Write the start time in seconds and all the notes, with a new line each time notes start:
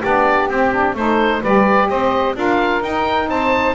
0.00 B3 D4 G4 D5
0.48 C4 G4
0.71 D4
0.94 A3 D#4 A4 C5
1.40 G3 G4 B4 D5
1.88 C4 C5 D#5
2.34 D4 F4 A#4 F5
2.81 D#4 G5
3.28 C4 C5 A5